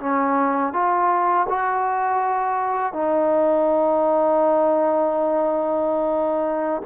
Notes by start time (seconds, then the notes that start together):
0.00 C#4
0.73 F4
1.49 F#4
2.93 D#4